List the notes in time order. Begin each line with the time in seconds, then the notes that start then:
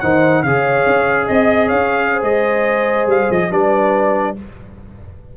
0.00 D#3 D#4 C5 F#5
0.43 C#3 G#4 C#5 F5
0.86 C#4
1.26 C4 D#5
1.66 C#4 C#5 F5
2.12 C5
2.23 G#3 D#5
3.07 G3 F5
3.31 F3 D#5
3.51 G3 D4 B4 D5